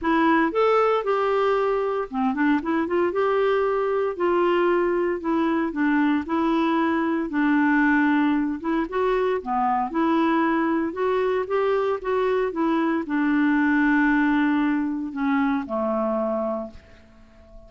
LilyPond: \new Staff \with { instrumentName = "clarinet" } { \time 4/4 \tempo 4 = 115 e'4 a'4 g'2 | c'8 d'8 e'8 f'8 g'2 | f'2 e'4 d'4 | e'2 d'2~ |
d'8 e'8 fis'4 b4 e'4~ | e'4 fis'4 g'4 fis'4 | e'4 d'2.~ | d'4 cis'4 a2 | }